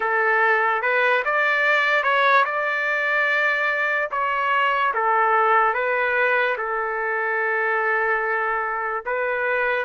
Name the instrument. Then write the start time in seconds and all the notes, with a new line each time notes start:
trumpet
0.00 A4
0.81 B4
1.24 D5
2.03 C#5
2.45 D5
4.11 C#5
4.94 A4
5.73 B4
6.57 A4
9.05 B4